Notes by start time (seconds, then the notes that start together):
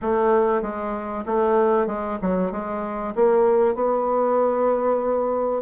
0.01 A3
0.62 G#3
1.26 A3
1.87 G#3
2.21 F#3
2.51 G#3
3.15 A#3
3.74 B3